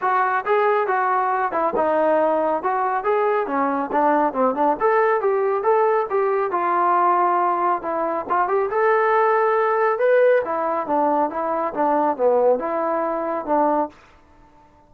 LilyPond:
\new Staff \with { instrumentName = "trombone" } { \time 4/4 \tempo 4 = 138 fis'4 gis'4 fis'4. e'8 | dis'2 fis'4 gis'4 | cis'4 d'4 c'8 d'8 a'4 | g'4 a'4 g'4 f'4~ |
f'2 e'4 f'8 g'8 | a'2. b'4 | e'4 d'4 e'4 d'4 | b4 e'2 d'4 | }